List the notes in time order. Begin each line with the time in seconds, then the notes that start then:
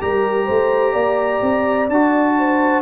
0.00 G3 G4 A#4 A#5
0.46 A3 C5
0.92 A#3 D5
1.42 C4
1.88 D4 F#4 A5
2.38 C5